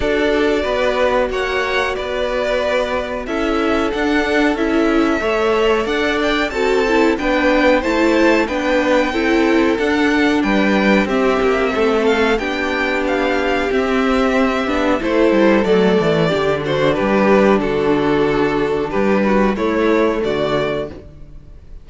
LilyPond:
<<
  \new Staff \with { instrumentName = "violin" } { \time 4/4 \tempo 4 = 92 d''2 fis''4 d''4~ | d''4 e''4 fis''4 e''4~ | e''4 fis''8 g''8 a''4 g''4 | a''4 g''2 fis''4 |
g''4 e''4. f''8 g''4 | f''4 e''2 c''4 | d''4. c''8 b'4 a'4~ | a'4 b'4 cis''4 d''4 | }
  \new Staff \with { instrumentName = "violin" } { \time 4/4 a'4 b'4 cis''4 b'4~ | b'4 a'2. | cis''4 d''4 a'4 b'4 | c''4 b'4 a'2 |
b'4 g'4 a'4 g'4~ | g'2. a'4~ | a'4 g'8 fis'8 g'4 fis'4~ | fis'4 g'8 fis'8 e'4 fis'4 | }
  \new Staff \with { instrumentName = "viola" } { \time 4/4 fis'1~ | fis'4 e'4 d'4 e'4 | a'2 fis'8 e'8 d'4 | e'4 d'4 e'4 d'4~ |
d'4 c'2 d'4~ | d'4 c'4. d'8 e'4 | a4 d'2.~ | d'2 a2 | }
  \new Staff \with { instrumentName = "cello" } { \time 4/4 d'4 b4 ais4 b4~ | b4 cis'4 d'4 cis'4 | a4 d'4 c'4 b4 | a4 b4 c'4 d'4 |
g4 c'8 ais8 a4 b4~ | b4 c'4. b8 a8 g8 | fis8 e8 d4 g4 d4~ | d4 g4 a4 d4 | }
>>